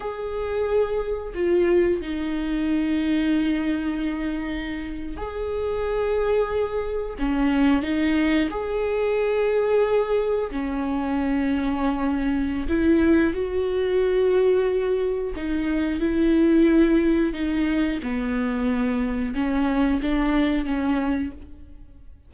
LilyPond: \new Staff \with { instrumentName = "viola" } { \time 4/4 \tempo 4 = 90 gis'2 f'4 dis'4~ | dis'2.~ dis'8. gis'16~ | gis'2~ gis'8. cis'4 dis'16~ | dis'8. gis'2. cis'16~ |
cis'2. e'4 | fis'2. dis'4 | e'2 dis'4 b4~ | b4 cis'4 d'4 cis'4 | }